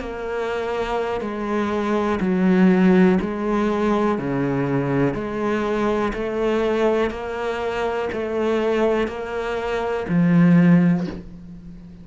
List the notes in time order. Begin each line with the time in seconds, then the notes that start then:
0.00 A#3
1.21 G#3
2.21 F#3
3.21 G#3
4.18 C#3
5.14 G#3
6.14 A3
7.10 A#3
8.13 A3
9.08 A#3
10.09 F3